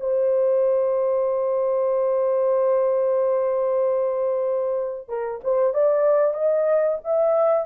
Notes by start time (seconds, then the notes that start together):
0.00 C5
5.08 A#4
5.44 C5
5.74 D5
6.34 D#5
7.04 E5